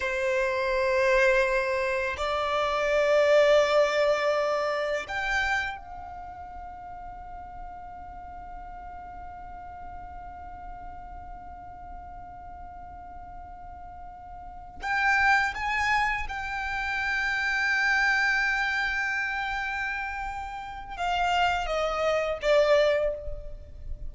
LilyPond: \new Staff \with { instrumentName = "violin" } { \time 4/4 \tempo 4 = 83 c''2. d''4~ | d''2. g''4 | f''1~ | f''1~ |
f''1~ | f''8 g''4 gis''4 g''4.~ | g''1~ | g''4 f''4 dis''4 d''4 | }